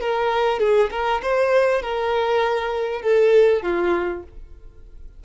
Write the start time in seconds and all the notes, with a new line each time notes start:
0.00 A#4
0.59 G#4
0.90 A#4
1.22 C5
1.82 A#4
3.01 A4
3.62 F4